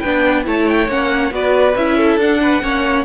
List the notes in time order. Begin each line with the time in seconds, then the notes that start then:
0.00 B3 D4 B4 G5
0.45 A3 E4 C#5 A5
0.69 G5
0.89 A#3 C#4 F#5
1.31 B3 F#4 B4 D5
1.76 C#4 E4 E5
1.97 A4
2.17 D4 F#5
2.42 B4
2.62 A#3 C#4 C#5